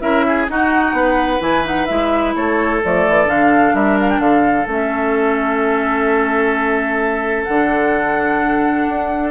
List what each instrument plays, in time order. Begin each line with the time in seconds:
0.00 bassoon C#4, clarinet E4, oboe A#4, flute E5
0.27 oboe G#4
0.48 bassoon D#4, clarinet D#4, oboe F#4, flute F#5
0.92 bassoon B3, oboe B4
1.40 bassoon E3, clarinet E4, flute G#5
1.63 clarinet D#4, flute F#5
1.86 bassoon G#3, clarinet E4, flute E5
2.35 bassoon A3, oboe A4, flute C#5
2.82 bassoon F3, clarinet A3, flute D5
3.08 bassoon E3
3.25 bassoon D3, clarinet D4, flute F5
3.73 bassoon G3, oboe A#4, flute E5
4.00 flute F5
4.09 flute G5
4.19 bassoon D3, oboe A4, flute F5
4.66 bassoon A3, clarinet C#4, flute E5
7.44 bassoon D3, clarinet D4, flute F#5
8.88 bassoon D4